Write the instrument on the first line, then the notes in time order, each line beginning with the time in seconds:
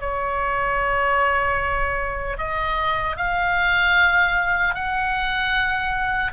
oboe
0.00 C#5
2.38 D#5
3.17 F5
4.74 F#5